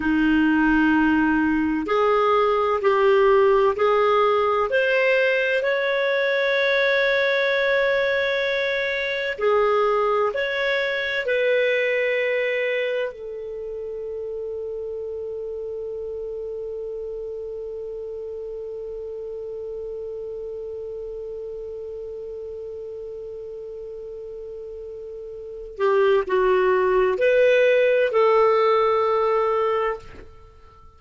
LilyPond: \new Staff \with { instrumentName = "clarinet" } { \time 4/4 \tempo 4 = 64 dis'2 gis'4 g'4 | gis'4 c''4 cis''2~ | cis''2 gis'4 cis''4 | b'2 a'2~ |
a'1~ | a'1~ | a'2.~ a'8 g'8 | fis'4 b'4 a'2 | }